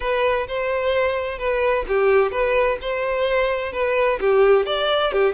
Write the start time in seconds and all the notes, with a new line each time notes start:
0.00 B4
0.47 C5
1.38 B4
1.88 G4
2.31 B4
2.81 C5
3.72 B4
4.20 G4
4.66 D5
5.12 G4